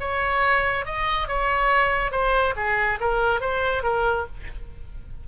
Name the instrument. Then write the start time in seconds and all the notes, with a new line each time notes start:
oboe
0.00 C#5
0.85 D#5
1.28 C#5
2.12 C5
2.56 G#4
3.01 A#4
3.41 C5
3.83 A#4